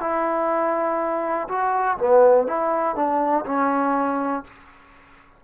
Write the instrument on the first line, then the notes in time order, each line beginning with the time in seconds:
trombone
0.00 E4
1.48 F#4
1.98 B3
2.47 E4
2.96 D4
3.45 C#4